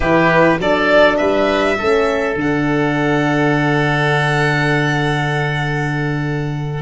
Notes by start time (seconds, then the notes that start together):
0.00 E3 E4 G4 B4
0.58 F#3 D4 A4 D5
1.17 G3 B4 E5
1.78 A3 C#4 A4
2.35 D3 D4 F#5